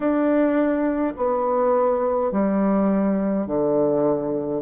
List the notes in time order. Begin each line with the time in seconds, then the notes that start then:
0.00 D4
1.16 B3
2.31 G3
3.46 D3